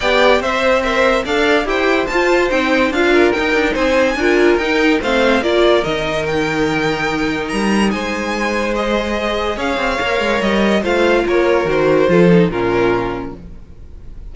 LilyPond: <<
  \new Staff \with { instrumentName = "violin" } { \time 4/4 \tempo 4 = 144 g''4 e''4 c''4 f''4 | g''4 a''4 g''4 f''4 | g''4 gis''2 g''4 | f''4 d''4 dis''4 g''4~ |
g''2 ais''4 gis''4~ | gis''4 dis''2 f''4~ | f''4 dis''4 f''4 cis''4 | c''2 ais'2 | }
  \new Staff \with { instrumentName = "violin" } { \time 4/4 d''4 c''4 e''4 d''4 | c''2.~ c''8 ais'8~ | ais'4 c''4 ais'2 | c''4 ais'2.~ |
ais'2. c''4~ | c''2. cis''4~ | cis''2 c''4 ais'4~ | ais'4 a'4 f'2 | }
  \new Staff \with { instrumentName = "viola" } { \time 4/4 g'4 c''4 ais'4 a'4 | g'4 f'4 dis'4 f'4 | dis'2 f'4 dis'4 | c'4 f'4 dis'2~ |
dis'1~ | dis'4 gis'2. | ais'2 f'2 | fis'4 f'8 dis'8 cis'2 | }
  \new Staff \with { instrumentName = "cello" } { \time 4/4 b4 c'2 d'4 | e'4 f'4 c'4 d'4 | dis'8 d'8 c'4 d'4 dis'4 | a4 ais4 dis2~ |
dis2 g4 gis4~ | gis2. cis'8 c'8 | ais8 gis8 g4 a4 ais4 | dis4 f4 ais,2 | }
>>